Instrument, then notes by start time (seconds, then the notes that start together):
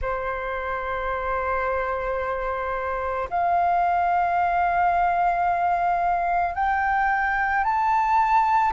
flute
0.01 C5
3.30 F5
6.55 G5
7.64 A5